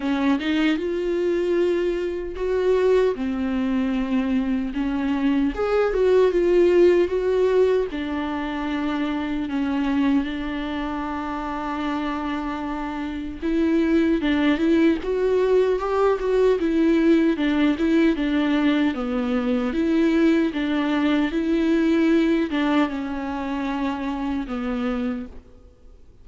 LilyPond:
\new Staff \with { instrumentName = "viola" } { \time 4/4 \tempo 4 = 76 cis'8 dis'8 f'2 fis'4 | c'2 cis'4 gis'8 fis'8 | f'4 fis'4 d'2 | cis'4 d'2.~ |
d'4 e'4 d'8 e'8 fis'4 | g'8 fis'8 e'4 d'8 e'8 d'4 | b4 e'4 d'4 e'4~ | e'8 d'8 cis'2 b4 | }